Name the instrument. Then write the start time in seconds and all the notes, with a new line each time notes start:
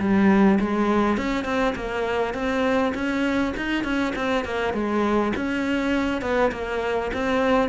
cello
0.00 G3
0.60 G#3
1.18 C#4
1.45 C4
1.76 A#3
2.34 C4
2.95 C#4
3.57 D#4
3.85 C#4
4.16 C4
4.45 A#3
4.74 G#3
5.37 C#4
6.22 B3
6.52 A#3
7.14 C4